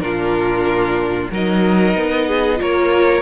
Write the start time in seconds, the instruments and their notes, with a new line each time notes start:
0.00 cello A#2, viola D4, violin F4 A#4
1.31 cello F#3, viola D#4, violin A#4 D#5
1.95 cello B3
2.27 violin G#4
2.56 cello A#3, viola F4, violin A#4 C#5